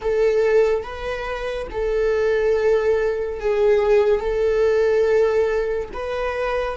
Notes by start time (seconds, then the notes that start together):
0.01 A4
0.83 B4
1.71 A4
3.40 G#4
4.19 A4
5.93 B4